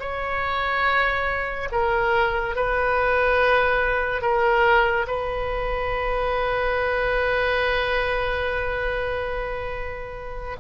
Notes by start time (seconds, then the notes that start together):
0.00 C#5
1.72 A#4
2.55 B4
4.21 A#4
5.07 B4